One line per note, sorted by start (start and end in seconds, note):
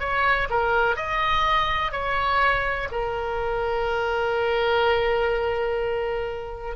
0.00 0.48 C#5
0.50 0.96 A#4
0.96 1.92 D#5
1.92 2.89 C#5
2.92 6.77 A#4